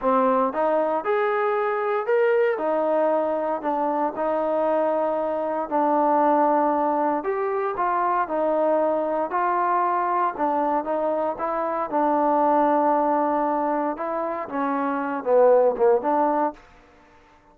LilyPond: \new Staff \with { instrumentName = "trombone" } { \time 4/4 \tempo 4 = 116 c'4 dis'4 gis'2 | ais'4 dis'2 d'4 | dis'2. d'4~ | d'2 g'4 f'4 |
dis'2 f'2 | d'4 dis'4 e'4 d'4~ | d'2. e'4 | cis'4. b4 ais8 d'4 | }